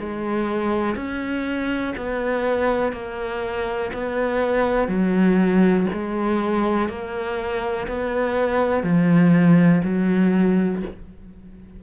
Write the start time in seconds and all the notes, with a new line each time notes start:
0.00 G#3
0.96 C#4
1.97 B3
2.93 A#3
3.94 B3
4.89 F#3
5.93 G#3
6.89 A#3
7.88 B3
8.84 F3
9.85 F#3